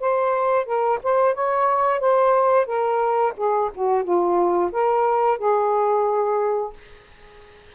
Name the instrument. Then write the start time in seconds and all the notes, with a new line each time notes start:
saxophone
0.00 C5
0.66 A#4
1.03 C5
1.35 C#5
2.00 C5
2.66 A#4
3.37 G#4
3.75 F#4
4.04 F4
4.72 A#4
5.39 G#4